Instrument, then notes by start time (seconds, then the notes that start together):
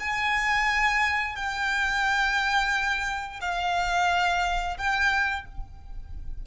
violin
0.00 G#5
1.36 G5
3.41 F5
4.78 G5